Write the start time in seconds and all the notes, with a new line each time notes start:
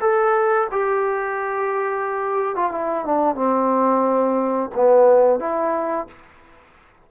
0.00 A4
0.71 G4
2.55 F4
2.71 E4
3.05 D4
3.35 C4
4.75 B3
5.39 E4